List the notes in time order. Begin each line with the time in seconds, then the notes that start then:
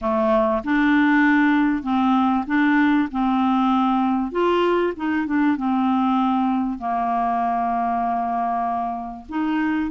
0.01 A3
0.64 D4
1.82 C4
2.46 D4
3.11 C4
4.31 F4
4.96 D#4
5.26 D4
5.56 C4
6.78 A#3
9.28 D#4